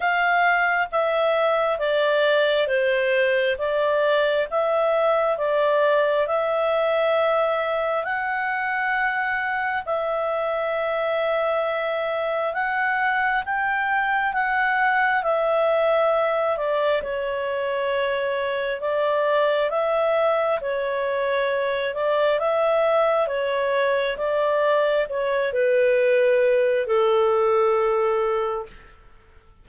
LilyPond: \new Staff \with { instrumentName = "clarinet" } { \time 4/4 \tempo 4 = 67 f''4 e''4 d''4 c''4 | d''4 e''4 d''4 e''4~ | e''4 fis''2 e''4~ | e''2 fis''4 g''4 |
fis''4 e''4. d''8 cis''4~ | cis''4 d''4 e''4 cis''4~ | cis''8 d''8 e''4 cis''4 d''4 | cis''8 b'4. a'2 | }